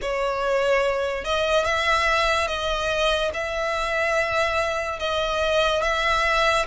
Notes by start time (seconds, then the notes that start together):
0.01 C#5
1.24 D#5
1.64 E5
2.47 D#5
3.33 E5
4.99 D#5
5.82 E5